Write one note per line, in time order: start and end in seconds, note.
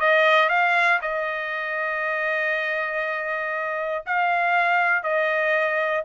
0.00 0.49 D#5
0.49 0.99 F5
1.02 4.04 D#5
4.06 5.03 F5
5.03 6.04 D#5